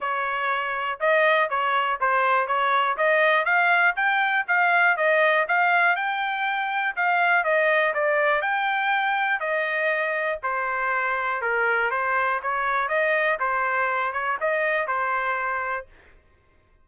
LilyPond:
\new Staff \with { instrumentName = "trumpet" } { \time 4/4 \tempo 4 = 121 cis''2 dis''4 cis''4 | c''4 cis''4 dis''4 f''4 | g''4 f''4 dis''4 f''4 | g''2 f''4 dis''4 |
d''4 g''2 dis''4~ | dis''4 c''2 ais'4 | c''4 cis''4 dis''4 c''4~ | c''8 cis''8 dis''4 c''2 | }